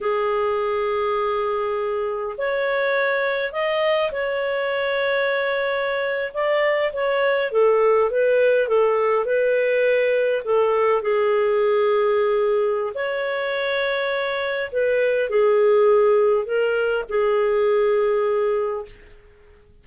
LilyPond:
\new Staff \with { instrumentName = "clarinet" } { \time 4/4 \tempo 4 = 102 gis'1 | cis''2 dis''4 cis''4~ | cis''2~ cis''8. d''4 cis''16~ | cis''8. a'4 b'4 a'4 b'16~ |
b'4.~ b'16 a'4 gis'4~ gis'16~ | gis'2 cis''2~ | cis''4 b'4 gis'2 | ais'4 gis'2. | }